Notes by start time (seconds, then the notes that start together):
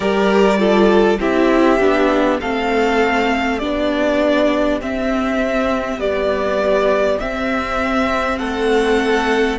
0.00 G3 G4 A#4 D5
0.58 F4 A4
1.19 C4 E4 G4 E5
1.79 B3 D4
2.40 A3 C4 A4 F5
3.58 B3 D4 G4 D5
4.80 C4 E5
5.97 G3 B3 D5
7.20 C4 E5
8.38 A3 A4 F#5